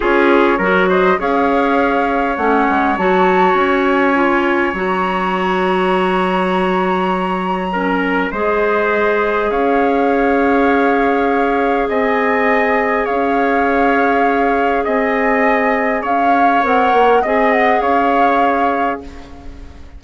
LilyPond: <<
  \new Staff \with { instrumentName = "flute" } { \time 4/4 \tempo 4 = 101 cis''4. dis''8 f''2 | fis''4 a''4 gis''2 | ais''1~ | ais''2 dis''2 |
f''1 | gis''2 f''2~ | f''4 gis''2 f''4 | fis''4 gis''8 fis''8 f''2 | }
  \new Staff \with { instrumentName = "trumpet" } { \time 4/4 gis'4 ais'8 c''8 cis''2~ | cis''1~ | cis''1~ | cis''4 ais'4 c''2 |
cis''1 | dis''2 cis''2~ | cis''4 dis''2 cis''4~ | cis''4 dis''4 cis''2 | }
  \new Staff \with { instrumentName = "clarinet" } { \time 4/4 f'4 fis'4 gis'2 | cis'4 fis'2 f'4 | fis'1~ | fis'4 cis'4 gis'2~ |
gis'1~ | gis'1~ | gis'1 | ais'4 gis'2. | }
  \new Staff \with { instrumentName = "bassoon" } { \time 4/4 cis'4 fis4 cis'2 | a8 gis8 fis4 cis'2 | fis1~ | fis2 gis2 |
cis'1 | c'2 cis'2~ | cis'4 c'2 cis'4 | c'8 ais8 c'4 cis'2 | }
>>